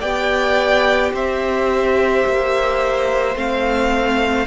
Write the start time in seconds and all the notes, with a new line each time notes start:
0.00 B3 G4 D5 G5
1.13 C4 C5 E5
2.26 A#3
3.35 A3 C4 F5